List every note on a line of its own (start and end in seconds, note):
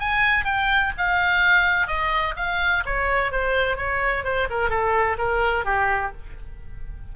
0.00 0.45 G#5
0.45 0.92 G5
0.98 1.88 F5
1.88 2.35 D#5
2.37 2.84 F5
2.86 3.32 C#5
3.32 3.77 C5
3.77 4.25 C#5
4.25 4.48 C5
4.50 4.70 A#4
4.70 5.17 A4
5.18 5.65 A#4
5.65 6.12 G4